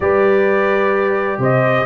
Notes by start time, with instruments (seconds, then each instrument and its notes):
0.00 tuba G3, trombone G4, horn B4, trumpet D5
1.38 tuba C3, horn C5, trumpet D#5